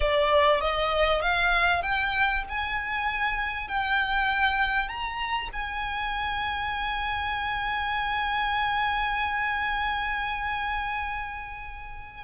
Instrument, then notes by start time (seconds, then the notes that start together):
violin
0.00 D5
0.60 D#5
1.21 F5
1.82 G5
2.48 G#5
3.67 G5
4.88 A#5
5.52 G#5